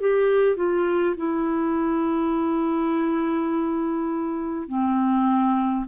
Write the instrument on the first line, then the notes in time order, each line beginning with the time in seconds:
clarinet
0.00 G4
0.57 F4
1.17 E4
4.68 C4